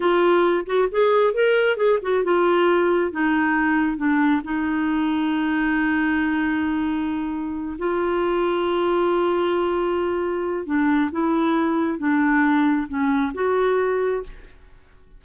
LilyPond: \new Staff \with { instrumentName = "clarinet" } { \time 4/4 \tempo 4 = 135 f'4. fis'8 gis'4 ais'4 | gis'8 fis'8 f'2 dis'4~ | dis'4 d'4 dis'2~ | dis'1~ |
dis'4. f'2~ f'8~ | f'1 | d'4 e'2 d'4~ | d'4 cis'4 fis'2 | }